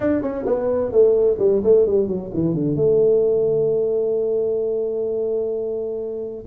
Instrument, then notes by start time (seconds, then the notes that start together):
tuba
0.00 D4
0.22 C#4
0.46 B3
0.91 A3
1.38 G3
1.63 A3
1.86 G3
2.07 F#3
2.33 E3
2.54 D3
2.75 A3